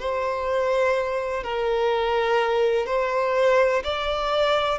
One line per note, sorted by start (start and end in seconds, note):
0.00 1.44 C5
1.44 2.87 A#4
2.87 3.84 C5
3.84 4.79 D5